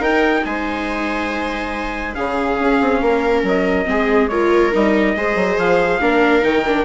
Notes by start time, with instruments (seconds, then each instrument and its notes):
0.00 bassoon D#4, viola D#4 A#4, trumpet G5
0.45 bassoon G#3, viola C5, trumpet G#5
2.15 bassoon C#3, viola C#4 G#4, trumpet F5
2.60 bassoon C#4
2.81 bassoon C4
3.02 bassoon A#3, viola A#4
3.43 bassoon F#3, trumpet D#5
3.86 bassoon G#3, viola C4 G#4
4.29 viola F4 A#4, trumpet C#5
4.73 bassoon G3, viola D#4, trumpet D#5
5.16 bassoon G#3, viola G#4 C5
5.36 bassoon F#3
5.58 bassoon F3, trumpet F5
6.01 bassoon A#3, viola D4 A#4
6.42 bassoon D#3, viola D#4, trumpet G5
6.67 viola D4